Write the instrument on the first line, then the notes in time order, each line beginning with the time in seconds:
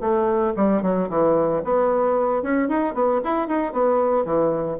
bassoon
0.00 A3
0.56 G3
0.82 F#3
1.09 E3
1.64 B3
2.42 C#4
2.68 D#4
2.94 B3
3.24 E4
3.47 D#4
3.72 B3
4.25 E3